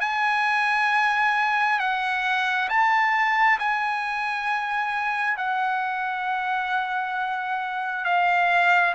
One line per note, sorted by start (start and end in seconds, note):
0.00 1.79 G#5
1.79 2.69 F#5
2.69 3.59 A5
3.59 5.36 G#5
5.36 8.05 F#5
8.05 8.94 F5